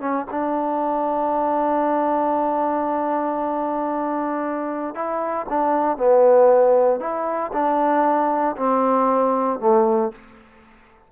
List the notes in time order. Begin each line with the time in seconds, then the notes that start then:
0.00 C#4
0.31 D4
4.95 E4
5.49 D4
5.97 B3
7.00 E4
7.53 D4
8.57 C4
9.60 A3